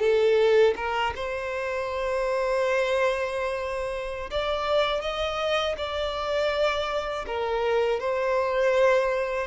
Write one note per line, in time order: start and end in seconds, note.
0.00 0.74 A4
0.76 1.13 A#4
1.15 4.30 C5
4.31 5.02 D5
5.02 5.76 D#5
5.77 7.26 D5
7.27 8.00 A#4
8.00 9.47 C5